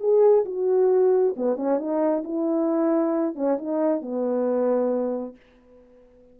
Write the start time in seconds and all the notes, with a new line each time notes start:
0.00 G#4
0.45 F#4
1.36 B3
1.56 C#4
1.78 D#4
2.24 E4
3.35 C#4
3.58 D#4
4.02 B3